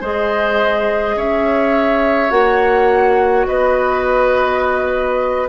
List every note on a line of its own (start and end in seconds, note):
0.00 1.16 G#3
0.00 2.29 G#4
0.00 1.15 C5
0.00 1.18 D#5
1.16 2.30 C#4
1.16 3.47 C#5
1.16 2.31 E5
2.29 3.45 A#3
2.29 5.47 F#4
2.29 3.46 F#5
3.46 5.49 B3
3.46 5.49 B4
3.46 5.48 D#5